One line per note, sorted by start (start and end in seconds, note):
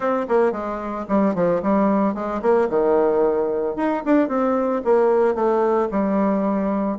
0.00 0.26 C4
0.28 0.51 A#3
0.51 1.05 G#3
1.08 1.34 G3
1.34 1.61 F3
1.62 2.14 G3
2.14 2.41 G#3
2.41 2.68 A#3
2.69 3.76 D#3
3.76 4.03 D#4
4.05 4.28 D4
4.28 4.81 C4
4.84 5.34 A#3
5.34 5.88 A3
5.91 6.98 G3